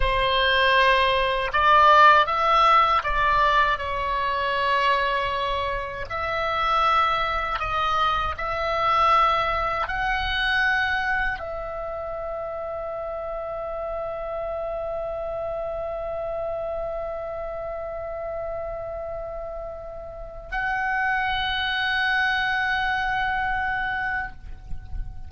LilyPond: \new Staff \with { instrumentName = "oboe" } { \time 4/4 \tempo 4 = 79 c''2 d''4 e''4 | d''4 cis''2. | e''2 dis''4 e''4~ | e''4 fis''2 e''4~ |
e''1~ | e''1~ | e''2. fis''4~ | fis''1 | }